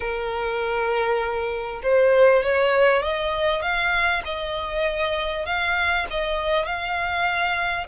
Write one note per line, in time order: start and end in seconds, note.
0.00 1.81 A#4
1.82 2.43 C5
2.43 3.02 C#5
3.02 3.61 D#5
3.61 4.22 F5
4.25 5.45 D#5
5.45 6.06 F5
6.10 6.65 D#5
6.65 7.87 F5